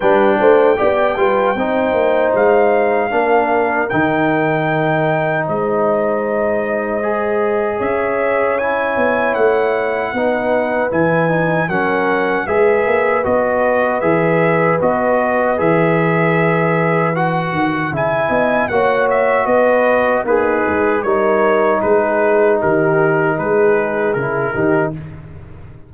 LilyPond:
<<
  \new Staff \with { instrumentName = "trumpet" } { \time 4/4 \tempo 4 = 77 g''2. f''4~ | f''4 g''2 dis''4~ | dis''2 e''4 gis''4 | fis''2 gis''4 fis''4 |
e''4 dis''4 e''4 dis''4 | e''2 fis''4 gis''4 | fis''8 e''8 dis''4 b'4 cis''4 | b'4 ais'4 b'4 ais'4 | }
  \new Staff \with { instrumentName = "horn" } { \time 4/4 b'8 c''8 d''8 b'8 c''2 | ais'2. c''4~ | c''2 cis''2~ | cis''4 b'2 ais'4 |
b'1~ | b'2. e''8 dis''8 | cis''4 b'4 dis'4 ais'4 | gis'4 g'4 gis'4. g'8 | }
  \new Staff \with { instrumentName = "trombone" } { \time 4/4 d'4 g'8 f'8 dis'2 | d'4 dis'2.~ | dis'4 gis'2 e'4~ | e'4 dis'4 e'8 dis'8 cis'4 |
gis'4 fis'4 gis'4 fis'4 | gis'2 fis'4 e'4 | fis'2 gis'4 dis'4~ | dis'2. e'8 dis'8 | }
  \new Staff \with { instrumentName = "tuba" } { \time 4/4 g8 a8 b8 g8 c'8 ais8 gis4 | ais4 dis2 gis4~ | gis2 cis'4. b8 | a4 b4 e4 fis4 |
gis8 ais8 b4 e4 b4 | e2~ e8 dis8 cis8 b8 | ais4 b4 ais8 gis8 g4 | gis4 dis4 gis4 cis8 dis8 | }
>>